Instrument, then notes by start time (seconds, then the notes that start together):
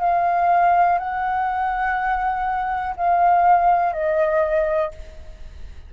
flute
0.00 F5
0.98 F#5
2.96 F5
3.93 D#5